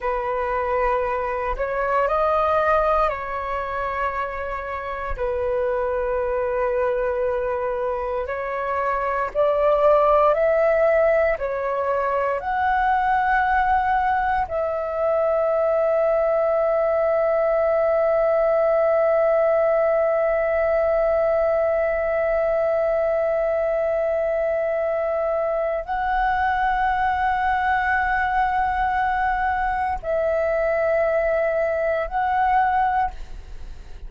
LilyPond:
\new Staff \with { instrumentName = "flute" } { \time 4/4 \tempo 4 = 58 b'4. cis''8 dis''4 cis''4~ | cis''4 b'2. | cis''4 d''4 e''4 cis''4 | fis''2 e''2~ |
e''1~ | e''1~ | e''4 fis''2.~ | fis''4 e''2 fis''4 | }